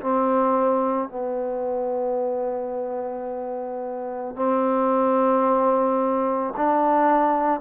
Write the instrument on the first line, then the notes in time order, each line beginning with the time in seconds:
trombone
0.00 C4
1.08 B3
4.35 C4
6.56 D4